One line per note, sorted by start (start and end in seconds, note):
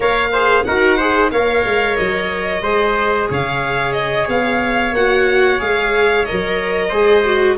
0.00 0.66 A#3
0.00 0.32 A#4
0.00 0.31 C#5
0.00 0.64 F5
0.32 0.66 G#4
0.32 0.65 C5
0.64 1.31 D#4
0.64 1.00 F#4
0.64 0.97 A#4
0.64 1.30 F#5
0.97 1.33 G#4
0.97 1.30 C5
1.31 1.64 A#3
1.31 2.63 A#4
1.31 2.62 C#5
1.31 1.96 F5
1.65 1.98 G#3
1.96 2.61 F#3
1.96 3.28 D#5
2.61 3.27 G#3
2.61 4.94 G#4
2.61 3.28 C5
3.29 4.28 C#3
3.29 6.88 C#5
3.29 3.92 F5
3.92 4.25 D#5
4.28 4.91 B3
4.28 4.94 F5
4.91 5.57 A#3
4.91 5.59 F#4
4.91 5.60 F#5
5.59 6.26 G#3
5.59 6.25 G#4
5.59 6.25 F5
6.25 6.91 A#4
6.25 7.57 D#5
6.31 6.91 F#3
6.88 7.57 G#3
6.88 7.24 G#4
6.88 7.54 C5
7.24 7.57 F#4